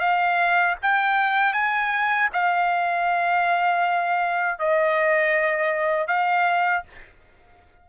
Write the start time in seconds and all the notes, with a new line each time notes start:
0.00 F5
0.83 G5
1.53 G#5
2.33 F5
4.59 D#5
6.08 F5